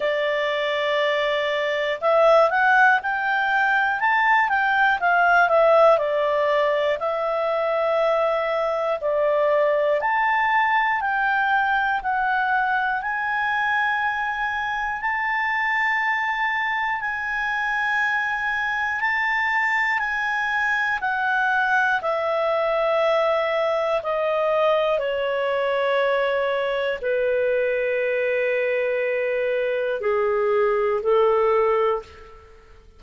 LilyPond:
\new Staff \with { instrumentName = "clarinet" } { \time 4/4 \tempo 4 = 60 d''2 e''8 fis''8 g''4 | a''8 g''8 f''8 e''8 d''4 e''4~ | e''4 d''4 a''4 g''4 | fis''4 gis''2 a''4~ |
a''4 gis''2 a''4 | gis''4 fis''4 e''2 | dis''4 cis''2 b'4~ | b'2 gis'4 a'4 | }